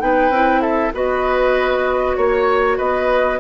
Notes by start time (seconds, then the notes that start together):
0.00 B3 D#4 B4 G5
0.30 C4 E4
0.61 A4 E5
0.94 B3 F#4 B4 D#5
2.16 A#3 C#5
2.78 B3 B4 D#5